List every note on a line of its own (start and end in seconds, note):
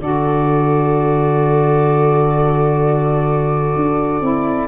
0.00 3.75 D3
0.00 4.21 F#4
0.00 4.68 A4
0.00 4.68 D5
3.76 4.21 D4
4.21 4.67 C4
4.21 4.68 E4